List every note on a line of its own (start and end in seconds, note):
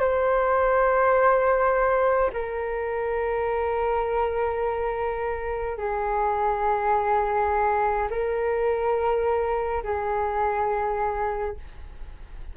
0.00 2.31 C5
2.33 5.78 A#4
5.78 8.09 G#4
8.10 9.83 A#4
9.84 11.57 G#4